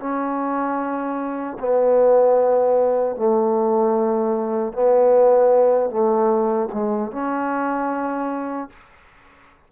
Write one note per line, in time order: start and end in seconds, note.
0.00 1.58 C#4
1.60 3.17 B3
3.17 4.73 A3
4.73 5.90 B3
5.90 6.69 A3
6.73 7.12 G#3
7.12 8.70 C#4